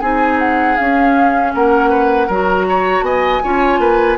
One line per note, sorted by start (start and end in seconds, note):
0.00 0.78 C4
0.00 0.78 D#4
0.00 1.52 G#4
0.00 0.38 G#5
0.39 0.77 F#5
0.77 1.55 C#4
0.77 2.31 C#4
0.77 1.53 F5
1.55 2.29 A#3
1.55 1.90 A#4
1.55 2.31 F#5
1.90 2.27 B4
2.27 3.02 F#3
2.27 3.43 F#4
2.27 2.65 A#4
2.34 3.05 A#5
2.69 3.05 C#5
3.02 3.40 B3
3.02 3.43 D#5
3.02 4.18 G#5
3.43 3.79 C#4
3.43 4.18 F4
3.43 3.81 C#5
3.79 4.17 A#3
3.79 4.18 B4